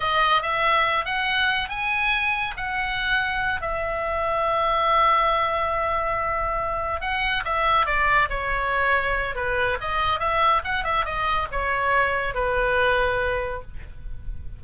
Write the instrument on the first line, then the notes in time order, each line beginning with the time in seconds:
oboe
0.00 D#5
0.42 E5
1.05 F#5
1.68 G#5
2.56 F#5
3.61 E5
7.00 F#5
7.44 E5
7.86 D5
8.29 C#5
9.35 B4
9.80 D#5
10.19 E5
10.64 F#5
10.83 E5
11.05 D#5
11.51 C#5
12.34 B4